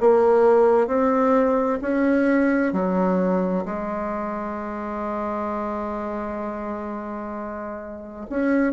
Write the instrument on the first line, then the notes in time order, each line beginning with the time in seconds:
bassoon
0.00 A#3
0.87 C4
1.81 C#4
2.72 F#3
3.65 G#3
8.29 C#4